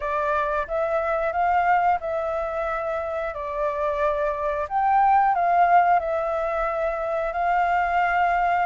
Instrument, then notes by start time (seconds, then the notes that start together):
flute
0.00 D5
0.67 E5
1.32 F5
2.00 E5
3.34 D5
4.68 G5
5.34 F5
5.99 E5
7.32 F5